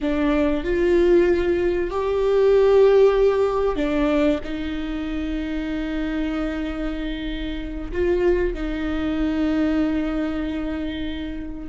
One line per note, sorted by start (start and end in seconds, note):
0.00 0.63 D4
0.63 1.90 F4
1.90 3.76 G4
3.76 4.39 D4
4.44 7.91 D#4
7.91 8.53 F4
8.53 11.69 D#4